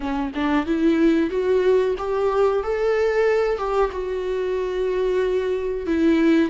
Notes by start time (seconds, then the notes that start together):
0.00 C#4
0.34 D4
0.66 E4
1.30 F#4
1.97 G4
2.63 A4
3.58 G4
3.91 F#4
5.86 E4